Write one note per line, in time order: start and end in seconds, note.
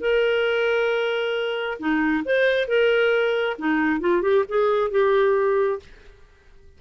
0.00 1.78 A#4
1.79 2.23 D#4
2.25 2.67 C5
2.67 3.56 A#4
3.58 4.00 D#4
4.00 4.22 F4
4.22 4.44 G4
4.48 4.90 G#4
4.90 5.79 G4